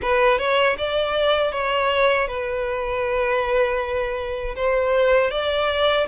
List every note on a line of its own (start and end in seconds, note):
0.02 0.38 B4
0.38 0.76 C#5
0.78 1.52 D5
1.52 2.27 C#5
2.27 4.55 B4
4.55 5.30 C5
5.30 6.06 D5